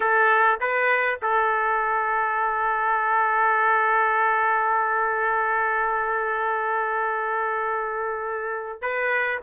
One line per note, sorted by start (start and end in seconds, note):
0.00 0.59 A4
0.60 1.19 B4
1.22 8.81 A4
8.81 9.40 B4